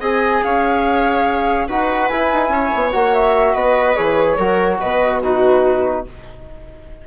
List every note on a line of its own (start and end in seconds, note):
0.00 0.42 C4
0.00 1.68 G#4
0.00 0.42 D#5
0.00 0.43 G#5
0.43 1.68 C#4
0.43 1.68 C#5
0.43 1.68 F5
1.68 2.10 D#4
1.68 2.10 F#4
1.68 2.51 B4
1.68 2.08 F#5
2.08 2.31 E4
2.08 2.92 E4
2.08 2.91 G#5
2.33 2.48 D#4
2.48 2.69 C#4
2.48 3.53 C#5
2.74 2.94 B3
2.92 3.54 A#3
2.92 3.96 F#4
2.92 3.13 F#5
3.13 3.55 E5
3.53 3.96 B3
3.53 4.36 B4
3.53 3.95 D#5
3.95 4.37 E3
3.95 4.37 G#4
3.95 4.79 C#5
4.37 4.79 F#3
4.37 5.23 F#4
4.37 4.79 A#4
4.80 6.07 B2
4.80 5.22 B4
4.80 5.21 D#5
5.23 6.06 D#4
5.23 6.06 F#4
5.23 6.06 B4